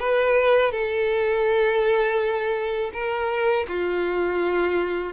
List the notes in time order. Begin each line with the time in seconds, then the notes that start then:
0.00 B4
0.72 A4
2.94 A#4
3.69 F4